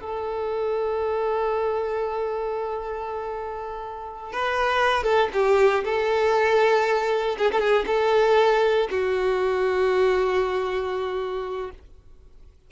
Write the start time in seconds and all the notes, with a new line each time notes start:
0.00 A4
4.32 B4
5.03 A4
5.33 G4
5.84 A4
7.38 G#4
7.51 A4
7.59 G#4
7.86 A4
8.90 F#4